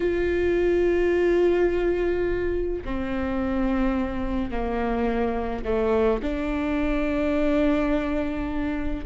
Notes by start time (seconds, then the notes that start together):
0.00 F4
2.84 C4
4.51 A#3
5.64 A3
6.22 D4